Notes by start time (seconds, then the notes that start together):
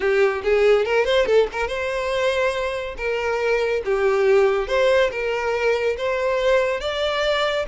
0.00 G4
0.43 G#4
0.85 A#4
1.05 C5
1.26 A4
1.52 A#4
1.67 C5
2.97 A#4
3.85 G4
4.67 C5
5.11 A#4
5.97 C5
6.80 D5